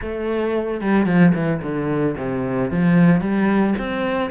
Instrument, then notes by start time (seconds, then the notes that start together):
cello
0.01 A3
0.80 G3
1.05 F3
1.34 E3
1.62 D3
2.17 C3
2.71 F3
3.20 G3
3.78 C4